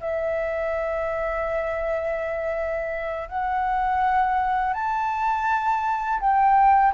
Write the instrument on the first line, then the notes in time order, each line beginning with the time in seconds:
flute
0.00 E5
3.28 F#5
4.73 A5
6.20 G5